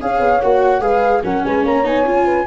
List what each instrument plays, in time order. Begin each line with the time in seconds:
0.00 tuba C#4, viola G#4, horn C#5, flute F5
0.19 tuba B3
0.41 tuba A#3, viola F#4, flute F#5
0.79 tuba G#3, viola G#4, horn B4, flute F5
1.23 tuba F#3, viola C#4, horn A#4, flute F#5
1.44 tuba G#3, horn B4, flute G#5
1.63 tuba A#3, horn C#5, flute A#5
1.83 tuba B3, viola D#4, flute G#5
2.04 tuba C#4, viola F4
2.25 horn B4